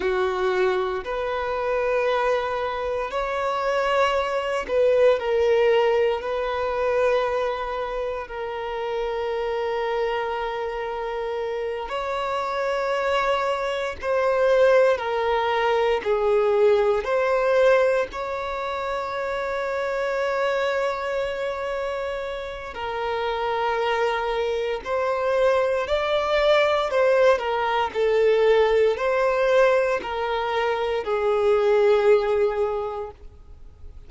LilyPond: \new Staff \with { instrumentName = "violin" } { \time 4/4 \tempo 4 = 58 fis'4 b'2 cis''4~ | cis''8 b'8 ais'4 b'2 | ais'2.~ ais'8 cis''8~ | cis''4. c''4 ais'4 gis'8~ |
gis'8 c''4 cis''2~ cis''8~ | cis''2 ais'2 | c''4 d''4 c''8 ais'8 a'4 | c''4 ais'4 gis'2 | }